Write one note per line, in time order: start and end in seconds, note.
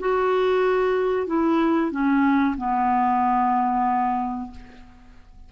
0.00 1.27 F#4
1.27 1.91 E4
1.91 2.56 C#4
2.57 4.51 B3